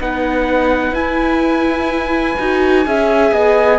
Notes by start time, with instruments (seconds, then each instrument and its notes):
0.00 cello B3, viola D#4, flute B4, trumpet F#5
0.92 cello E4, viola E4, trumpet G#5
2.39 cello D#4, viola F#4
2.86 cello C#4, viola G#4, flute E5
3.32 cello B3, flute D#5